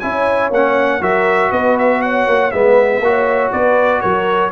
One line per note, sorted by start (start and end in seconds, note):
0.00 0.51 C#4
0.00 0.52 E4
0.00 1.01 C#5
0.00 0.50 G#5
0.51 1.01 A#3
0.51 1.02 C#4
0.51 1.03 F#5
1.01 1.52 F#3
1.01 2.52 F#4
1.01 1.50 A#4
1.01 1.53 E5
1.50 2.27 B3
1.50 2.00 B4
1.50 1.78 D#5
1.79 2.02 E5
2.02 2.53 C#5
2.02 2.52 F#5
2.27 2.52 A#3
2.52 3.00 G#3
2.52 3.02 B3
2.52 3.03 B4
2.52 3.52 E5
3.00 3.50 A#3
3.00 4.52 F#4
3.06 3.53 C#5
3.53 4.04 B3
3.53 4.02 B4
3.53 4.01 D5
4.01 4.52 F#3
4.01 4.52 A#4
4.01 4.51 C#5